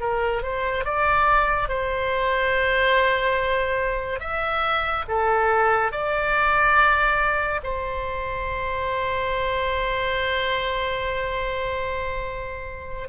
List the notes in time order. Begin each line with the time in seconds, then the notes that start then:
0.00 A#4
0.43 C5
0.84 D5
1.68 C5
4.19 E5
5.08 A4
5.92 D5
7.63 C5